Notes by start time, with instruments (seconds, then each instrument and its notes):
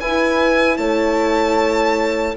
0.00 bassoon E4, viola E4, horn B4, violin G#5
0.77 bassoon A3, horn C#5, violin A5